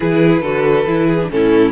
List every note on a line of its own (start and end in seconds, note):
0.00 0.41 E3
0.00 0.43 E4
0.00 0.41 G#4
0.00 1.30 B4
0.41 0.85 D3
0.41 0.87 F#4
0.41 1.06 A4
0.86 1.29 E3
0.86 1.19 E4
1.06 1.28 G#4
1.22 1.30 D4
1.30 1.71 A2
1.30 1.71 C#4
1.30 1.71 E4
1.30 1.71 A4